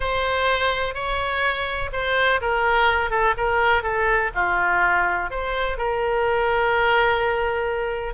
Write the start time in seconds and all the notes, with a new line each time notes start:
0.00 C5
0.94 C#5
1.92 C5
2.41 A#4
3.10 A4
3.37 A#4
3.82 A4
4.35 F4
5.30 C5
5.77 A#4